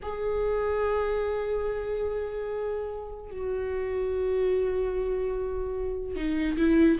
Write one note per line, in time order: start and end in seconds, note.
0.02 3.31 G#4
3.31 6.15 F#4
6.15 6.56 D#4
6.57 6.98 E4